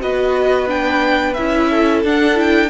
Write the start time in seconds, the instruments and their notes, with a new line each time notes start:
0.00 cello B3, viola F#4, violin B4 D#5
0.67 viola D4, violin G5
1.34 cello C#4, viola E4, violin E5
1.71 violin A4
2.04 cello D4, viola D4, violin F#5
2.35 viola E4, violin G5